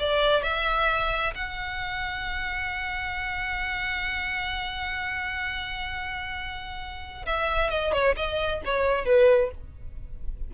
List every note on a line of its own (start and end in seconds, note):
0.00 0.43 D5
0.43 1.34 E5
1.35 7.26 F#5
7.26 7.70 E5
7.70 7.93 D#5
7.93 8.16 C#5
8.17 8.62 D#5
8.65 9.06 C#5
9.06 9.51 B4